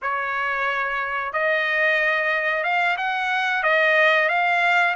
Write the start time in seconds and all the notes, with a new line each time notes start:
0.01 C#5
1.32 D#5
2.63 F5
2.97 F#5
3.63 D#5
4.29 F5